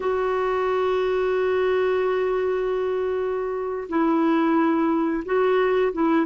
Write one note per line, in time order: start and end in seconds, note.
0.00 3.88 F#4
3.89 5.23 E4
5.25 5.92 F#4
5.93 6.26 E4